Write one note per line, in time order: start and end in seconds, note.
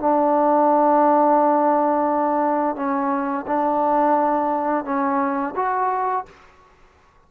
0.00 2.76 D4
2.76 3.46 C#4
3.47 4.85 D4
4.85 5.55 C#4
5.56 6.26 F#4